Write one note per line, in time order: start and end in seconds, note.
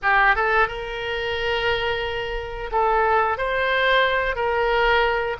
0.02 0.35 G4
0.35 0.67 A4
0.67 2.70 A#4
2.72 3.37 A4
3.37 4.35 C5
4.35 5.36 A#4